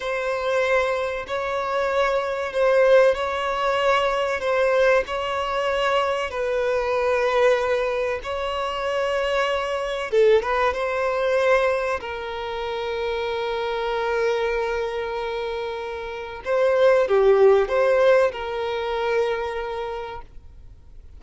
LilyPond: \new Staff \with { instrumentName = "violin" } { \time 4/4 \tempo 4 = 95 c''2 cis''2 | c''4 cis''2 c''4 | cis''2 b'2~ | b'4 cis''2. |
a'8 b'8 c''2 ais'4~ | ais'1~ | ais'2 c''4 g'4 | c''4 ais'2. | }